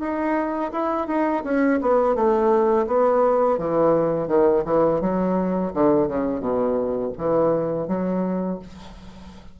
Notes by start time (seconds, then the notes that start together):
0.00 D#4
0.72 E4
1.07 D#4
1.44 C#4
1.81 B3
2.16 A3
2.87 B3
3.58 E3
4.28 D#3
4.65 E3
5.01 F#3
5.74 D3
6.08 C#3
6.41 B2
7.18 E3
7.88 F#3